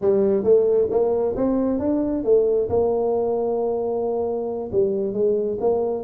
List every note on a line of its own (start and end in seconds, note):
0.01 0.43 G3
0.43 0.88 A3
0.90 1.35 A#3
1.36 1.79 C4
1.79 2.23 D4
2.23 2.68 A3
2.69 4.70 A#3
4.72 5.13 G3
5.13 5.58 G#3
5.60 6.03 A#3